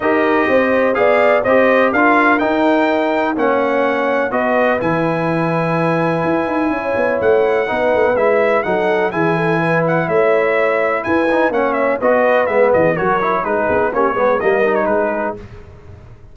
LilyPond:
<<
  \new Staff \with { instrumentName = "trumpet" } { \time 4/4 \tempo 4 = 125 dis''2 f''4 dis''4 | f''4 g''2 fis''4~ | fis''4 dis''4 gis''2~ | gis''2. fis''4~ |
fis''4 e''4 fis''4 gis''4~ | gis''8 fis''8 e''2 gis''4 | fis''8 e''8 dis''4 e''8 dis''8 cis''4 | b'4 cis''4 dis''8. cis''16 b'4 | }
  \new Staff \with { instrumentName = "horn" } { \time 4/4 ais'4 c''4 d''4 c''4 | ais'2. cis''4~ | cis''4 b'2.~ | b'2 cis''2 |
b'2 a'4 gis'8 a'8 | b'4 cis''2 b'4 | cis''4 b'4. gis'8 ais'4 | gis'4 g'8 gis'8 ais'4 gis'4 | }
  \new Staff \with { instrumentName = "trombone" } { \time 4/4 g'2 gis'4 g'4 | f'4 dis'2 cis'4~ | cis'4 fis'4 e'2~ | e'1 |
dis'4 e'4 dis'4 e'4~ | e'2.~ e'8 dis'8 | cis'4 fis'4 b4 fis'8 e'8 | dis'4 cis'8 b8 ais8 dis'4. | }
  \new Staff \with { instrumentName = "tuba" } { \time 4/4 dis'4 c'4 b4 c'4 | d'4 dis'2 ais4~ | ais4 b4 e2~ | e4 e'8 dis'8 cis'8 b8 a4 |
b8 a16 b16 gis4 fis4 e4~ | e4 a2 e'4 | ais4 b4 gis8 e8 fis4 | gis8 b8 ais8 gis8 g4 gis4 | }
>>